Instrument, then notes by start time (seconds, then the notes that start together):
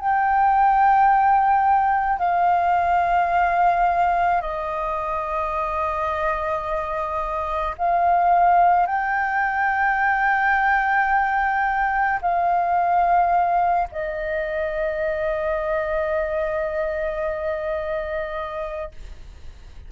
flute
0.00 G5
2.19 F5
4.41 D#5
7.78 F5
8.87 G5
12.22 F5
13.92 D#5